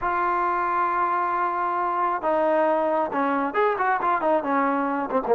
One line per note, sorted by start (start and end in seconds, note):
0.01 2.22 F4
2.22 3.11 D#4
3.12 3.54 C#4
3.54 3.76 G#4
3.78 4.00 F#4
4.01 4.21 F4
4.21 4.43 D#4
4.43 5.09 C#4
5.10 5.21 C4
5.27 5.35 A#3